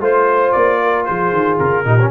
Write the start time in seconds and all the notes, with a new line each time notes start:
0.00 A3 F4 C5
0.52 A#3 D5
0.82 A#4
1.05 F3 G#4 C5
1.32 D#3
1.59 C#3 A#4
1.85 A#2 D#4 G4
2.00 C#4